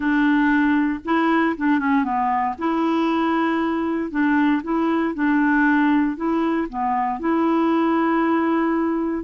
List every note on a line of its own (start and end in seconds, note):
0.00 0.99 D4
1.04 1.56 E4
1.56 1.79 D4
1.79 2.03 C#4
2.03 2.55 B3
2.58 4.10 E4
4.10 4.62 D4
4.63 5.14 E4
5.14 6.16 D4
6.16 6.67 E4
6.69 7.19 B3
7.19 9.24 E4